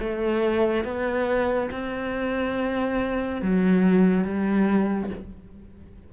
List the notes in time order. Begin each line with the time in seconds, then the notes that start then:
0.00 A3
0.85 B3
1.72 C4
3.42 F#3
4.25 G3